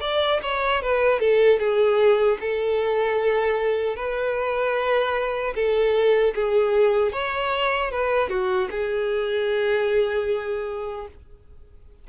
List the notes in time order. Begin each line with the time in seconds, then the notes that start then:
0.00 D5
0.42 C#5
0.82 B4
1.19 A4
1.59 G#4
2.40 A4
3.96 B4
5.55 A4
6.34 G#4
7.12 C#5
7.91 B4
8.29 F#4
8.70 G#4